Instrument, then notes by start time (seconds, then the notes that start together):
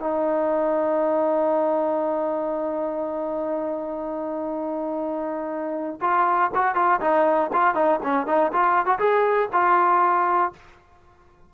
trombone
0.00 D#4
6.01 F4
6.55 F#4
6.75 F4
7.01 D#4
7.53 F4
7.75 D#4
8.03 C#4
8.27 D#4
8.53 F4
8.86 F#4
8.99 G#4
9.53 F4